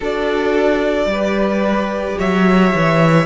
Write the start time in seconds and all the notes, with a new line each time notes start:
0.00 D4 F#4 A4 D5
1.05 G3 G4
1.12 B4
2.18 F#3 C#5 E5
2.74 E3